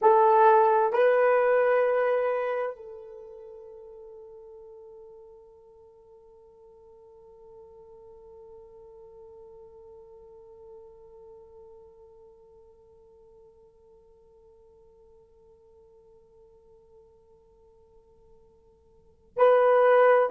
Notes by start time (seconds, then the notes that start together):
0.01 A4
0.92 B4
2.76 A4
19.36 B4